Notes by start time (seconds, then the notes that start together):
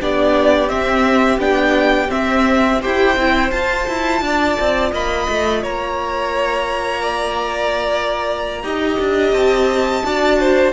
0.00 B3 D4 G4 D5
0.68 C4 E5
1.38 B3 D4 G5
2.08 C4 E5
2.80 E4 G4 C5 G5
3.16 C4 E4
3.50 F4 A5
3.88 E4
4.21 D4 D5
4.60 C4
4.92 A#3 D#5 B5
5.29 A3
5.62 A#3 C#5 A#5
7.01 D5
8.62 D#4 G4 D#5
8.99 D4
9.32 C4 A5
10.03 D4 F#4 D5
10.40 C5